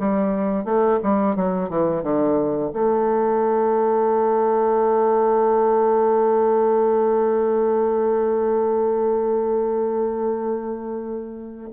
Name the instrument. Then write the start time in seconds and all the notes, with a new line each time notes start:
bassoon
0.00 G3
0.65 A3
1.03 G3
1.36 F#3
1.70 E3
2.03 D3
2.73 A3